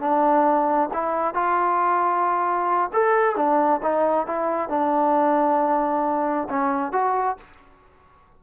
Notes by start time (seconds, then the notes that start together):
0.00 D4
0.93 E4
1.34 F4
2.93 A4
3.36 D4
3.83 D#4
4.27 E4
4.69 D4
6.49 C#4
6.92 F#4